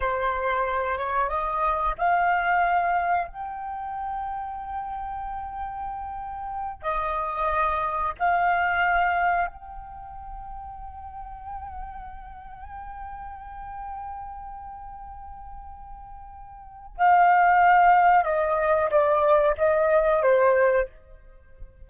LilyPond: \new Staff \with { instrumentName = "flute" } { \time 4/4 \tempo 4 = 92 c''4. cis''8 dis''4 f''4~ | f''4 g''2.~ | g''2~ g''8 dis''4.~ | dis''8 f''2 g''4.~ |
g''1~ | g''1~ | g''2 f''2 | dis''4 d''4 dis''4 c''4 | }